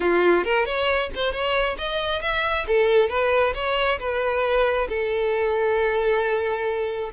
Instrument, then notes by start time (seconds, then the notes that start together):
violin
0.00 F4
0.44 A#4
0.65 C#5
1.15 C5
1.32 C#5
1.78 D#5
2.21 E5
2.67 A4
3.09 B4
3.54 C#5
3.99 B4
4.88 A4